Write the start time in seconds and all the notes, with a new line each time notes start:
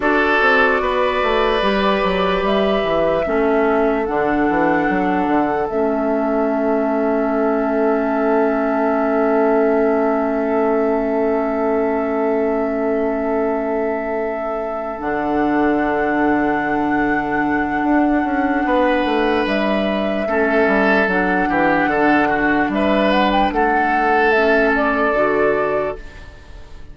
0.00 D4 F#4 A4 D5
0.41 C4
0.81 B3 B4
1.22 A3
1.61 G3 G4
2.03 F#3
2.42 G3 E5
2.83 E3
3.24 A3 C#4 A4
4.05 D3 D4 F#5
4.49 E3
4.89 F#3
5.27 D3
5.69 A3 C#4 E5
14.98 D3 D4 F#5
17.83 D4
18.23 C#4
18.64 B3 B4
19.05 A3
19.46 G3 E5
20.26 A3 C#4 A4
20.67 G3
21.07 F#3 D4 F#5
21.49 E3 G4
21.86 D3 A4
22.28 F#4
22.69 G3 B4 E5
23.11 F#5
23.31 G5
23.51 A3 A4 F#5
24.31 C#4 E5
24.75 D5
25.13 D3 F#4